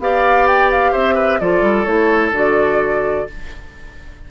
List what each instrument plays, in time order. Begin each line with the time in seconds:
0.00 bassoon B3, clarinet G4, oboe D5, flute F5
0.47 flute G5
0.71 flute F5
0.92 bassoon C4, oboe C5, flute E5
1.15 oboe B4
1.40 bassoon F3, clarinet F4, oboe A4, flute D5
1.62 bassoon G3
1.85 bassoon A3, clarinet E4, flute C#5
2.32 bassoon D3, clarinet F#4, flute D5